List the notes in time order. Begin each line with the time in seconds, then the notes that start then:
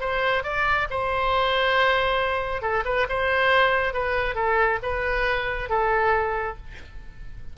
0.00 C5
0.43 D5
0.90 C5
2.62 A4
2.85 B4
3.09 C5
3.93 B4
4.35 A4
4.83 B4
5.69 A4